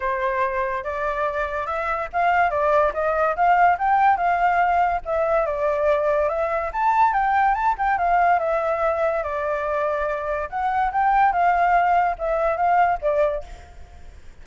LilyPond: \new Staff \with { instrumentName = "flute" } { \time 4/4 \tempo 4 = 143 c''2 d''2 | e''4 f''4 d''4 dis''4 | f''4 g''4 f''2 | e''4 d''2 e''4 |
a''4 g''4 a''8 g''8 f''4 | e''2 d''2~ | d''4 fis''4 g''4 f''4~ | f''4 e''4 f''4 d''4 | }